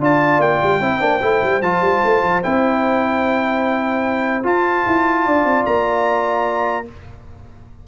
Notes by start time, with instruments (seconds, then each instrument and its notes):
0.00 tuba D4, trombone F4, horn D5, trumpet A5
0.39 tuba A#3, trumpet G5
0.63 tuba G3
0.81 tuba C4, trombone E4, horn C5
1.00 tuba A#3, trombone D4
1.22 tuba A3, trombone E4
1.43 tuba G3
1.61 tuba F3, trombone F4, trumpet A5
1.81 tuba G3
2.04 tuba A3
2.23 tuba F3
2.43 tuba C4, trombone E4, trumpet G5
4.44 trombone F4, tuba F4, trumpet A5
4.87 tuba E4
5.25 tuba D4, horn D5
5.45 tuba C4
5.66 tuba A#3, trumpet A#5